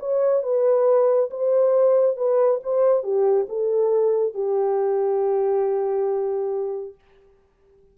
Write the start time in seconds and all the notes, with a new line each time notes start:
0.00 C#5
0.43 B4
1.30 C5
2.17 B4
2.63 C5
3.03 G4
3.49 A4
4.34 G4